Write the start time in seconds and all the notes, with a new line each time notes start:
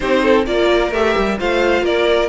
0.00 C4 D#4 G4 C5
0.22 A4
0.45 A#3 F4 A#4 D5
0.91 A3 G4 E5
1.17 G3
1.38 A3 F4 C5 F5
1.82 A#3 A#4 D5